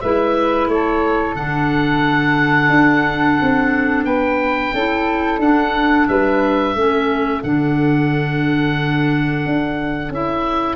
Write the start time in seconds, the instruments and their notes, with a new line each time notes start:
0.00 tuba G#3, clarinet E4, flute B4, oboe E5
0.67 tuba A3, flute A4, oboe C#5
1.35 tuba D3, clarinet D4, oboe F#5
2.68 tuba D4
3.41 tuba C4
4.04 tuba B3, flute B4, oboe G5
4.73 tuba C#4, clarinet E4, flute A4
5.38 tuba D4, clarinet D4, oboe F#5
6.08 tuba G3, flute B4, oboe E5
6.75 tuba A3, clarinet C#4, flute A4
7.43 tuba D3, clarinet D4, oboe F#5
9.45 tuba D4
10.10 tuba C#4, clarinet E4, oboe E5